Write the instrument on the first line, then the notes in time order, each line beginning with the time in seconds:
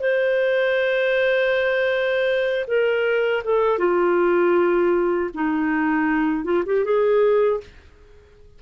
clarinet
0.00 C5
2.67 A#4
3.44 A4
3.79 F4
5.34 D#4
6.45 F4
6.66 G4
6.85 G#4